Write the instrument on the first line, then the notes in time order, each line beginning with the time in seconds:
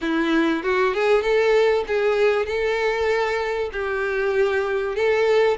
violin
0.01 E4
0.63 F#4
0.94 G#4
1.22 A4
1.87 G#4
2.46 A4
3.72 G4
4.95 A4